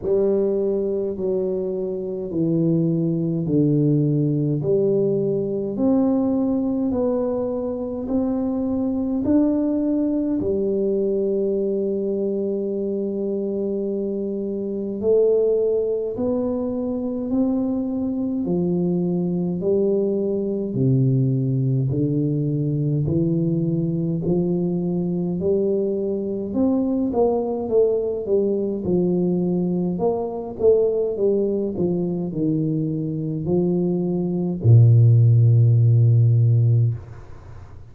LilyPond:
\new Staff \with { instrumentName = "tuba" } { \time 4/4 \tempo 4 = 52 g4 fis4 e4 d4 | g4 c'4 b4 c'4 | d'4 g2.~ | g4 a4 b4 c'4 |
f4 g4 c4 d4 | e4 f4 g4 c'8 ais8 | a8 g8 f4 ais8 a8 g8 f8 | dis4 f4 ais,2 | }